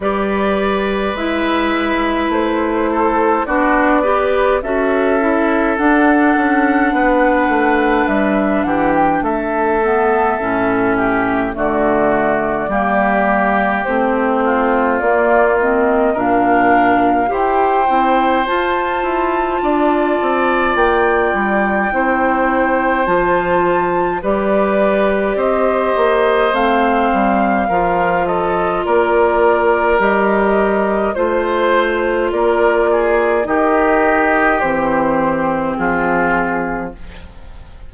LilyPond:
<<
  \new Staff \with { instrumentName = "flute" } { \time 4/4 \tempo 4 = 52 d''4 e''4 c''4 d''4 | e''4 fis''2 e''8 fis''16 g''16 | e''2 d''2 | c''4 d''8 dis''8 f''4 g''4 |
a''2 g''2 | a''4 d''4 dis''4 f''4~ | f''8 dis''8 d''4 dis''4 c''4 | d''4 dis''4 c''4 gis'4 | }
  \new Staff \with { instrumentName = "oboe" } { \time 4/4 b'2~ b'8 a'8 fis'8 b'8 | a'2 b'4. g'8 | a'4. g'8 fis'4 g'4~ | g'8 f'4. ais'4 c''4~ |
c''4 d''2 c''4~ | c''4 b'4 c''2 | ais'8 a'8 ais'2 c''4 | ais'8 gis'8 g'2 f'4 | }
  \new Staff \with { instrumentName = "clarinet" } { \time 4/4 g'4 e'2 d'8 g'8 | fis'8 e'8 d'2.~ | d'8 b8 cis'4 a4 ais4 | c'4 ais8 c'8 d'4 g'8 e'8 |
f'2. e'4 | f'4 g'2 c'4 | f'2 g'4 f'4~ | f'4 dis'4 c'2 | }
  \new Staff \with { instrumentName = "bassoon" } { \time 4/4 g4 gis4 a4 b4 | cis'4 d'8 cis'8 b8 a8 g8 e8 | a4 a,4 d4 g4 | a4 ais4 ais,4 e'8 c'8 |
f'8 e'8 d'8 c'8 ais8 g8 c'4 | f4 g4 c'8 ais8 a8 g8 | f4 ais4 g4 a4 | ais4 dis4 e4 f4 | }
>>